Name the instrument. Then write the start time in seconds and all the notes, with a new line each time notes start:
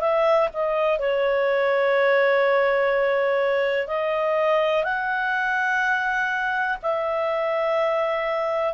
clarinet
0.00 E5
0.53 D#5
0.99 C#5
3.87 D#5
4.83 F#5
6.82 E5